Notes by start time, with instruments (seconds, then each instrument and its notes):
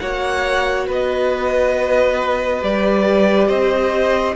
0.00 cello A#3, viola F#4, violin C#5 F#5
0.88 cello B3, violin B4 D#5
2.62 cello G3, viola G4, violin D5
3.48 cello C4, violin C5 D#5